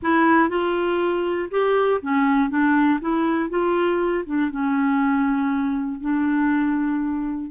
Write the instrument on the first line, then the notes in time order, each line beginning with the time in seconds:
clarinet
0.02 E4
0.49 F4
1.50 G4
2.02 C#4
2.49 D4
3.00 E4
3.49 F4
4.25 D4
4.50 C#4
6.00 D4